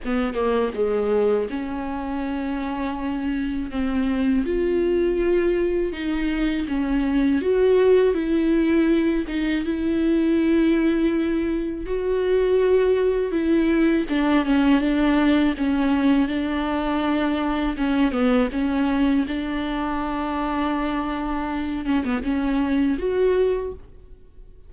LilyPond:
\new Staff \with { instrumentName = "viola" } { \time 4/4 \tempo 4 = 81 b8 ais8 gis4 cis'2~ | cis'4 c'4 f'2 | dis'4 cis'4 fis'4 e'4~ | e'8 dis'8 e'2. |
fis'2 e'4 d'8 cis'8 | d'4 cis'4 d'2 | cis'8 b8 cis'4 d'2~ | d'4. cis'16 b16 cis'4 fis'4 | }